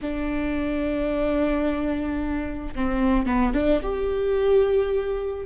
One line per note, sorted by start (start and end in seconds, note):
0.01 2.74 D4
2.75 3.26 C4
3.26 3.53 B3
3.53 3.81 D4
3.82 5.45 G4